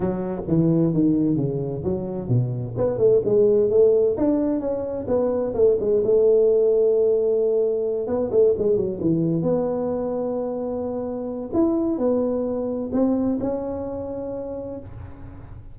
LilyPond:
\new Staff \with { instrumentName = "tuba" } { \time 4/4 \tempo 4 = 130 fis4 e4 dis4 cis4 | fis4 b,4 b8 a8 gis4 | a4 d'4 cis'4 b4 | a8 gis8 a2.~ |
a4. b8 a8 gis8 fis8 e8~ | e8 b2.~ b8~ | b4 e'4 b2 | c'4 cis'2. | }